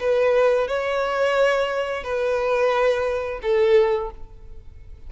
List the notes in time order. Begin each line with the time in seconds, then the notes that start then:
0.00 B4
0.68 C#5
2.04 B4
3.42 A4